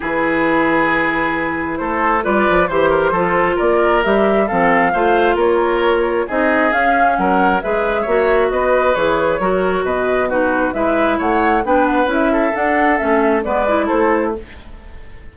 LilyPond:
<<
  \new Staff \with { instrumentName = "flute" } { \time 4/4 \tempo 4 = 134 b'1 | c''4 d''4 c''2 | d''4 e''4 f''2 | cis''2 dis''4 f''4 |
fis''4 e''2 dis''4 | cis''2 dis''4 b'4 | e''4 fis''4 g''8 fis''8 e''4 | fis''4 e''4 d''4 c''4 | }
  \new Staff \with { instrumentName = "oboe" } { \time 4/4 gis'1 | a'4 b'4 c''8 ais'8 a'4 | ais'2 a'4 c''4 | ais'2 gis'2 |
ais'4 b'4 cis''4 b'4~ | b'4 ais'4 b'4 fis'4 | b'4 cis''4 b'4. a'8~ | a'2 b'4 a'4 | }
  \new Staff \with { instrumentName = "clarinet" } { \time 4/4 e'1~ | e'4 f'4 g'4 f'4~ | f'4 g'4 c'4 f'4~ | f'2 dis'4 cis'4~ |
cis'4 gis'4 fis'2 | gis'4 fis'2 dis'4 | e'2 d'4 e'4 | d'4 cis'4 b8 e'4. | }
  \new Staff \with { instrumentName = "bassoon" } { \time 4/4 e1 | a4 g8 f8 e4 f4 | ais4 g4 f4 a4 | ais2 c'4 cis'4 |
fis4 gis4 ais4 b4 | e4 fis4 b,2 | gis4 a4 b4 cis'4 | d'4 a4 gis4 a4 | }
>>